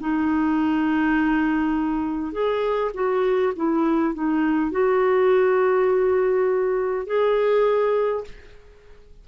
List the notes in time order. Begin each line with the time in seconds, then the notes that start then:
0.00 D#4
2.32 G#4
2.94 F#4
3.56 E4
4.14 D#4
4.71 F#4
7.06 G#4